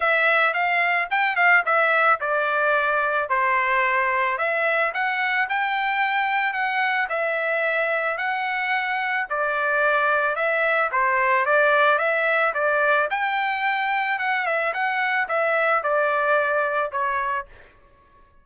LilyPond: \new Staff \with { instrumentName = "trumpet" } { \time 4/4 \tempo 4 = 110 e''4 f''4 g''8 f''8 e''4 | d''2 c''2 | e''4 fis''4 g''2 | fis''4 e''2 fis''4~ |
fis''4 d''2 e''4 | c''4 d''4 e''4 d''4 | g''2 fis''8 e''8 fis''4 | e''4 d''2 cis''4 | }